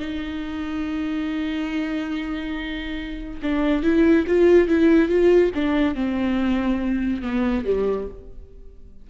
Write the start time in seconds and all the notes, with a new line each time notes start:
0.00 D#4
3.43 D4
3.83 E4
4.28 F4
4.68 E4
5.09 F4
5.55 D4
5.95 C4
7.22 B3
7.65 G3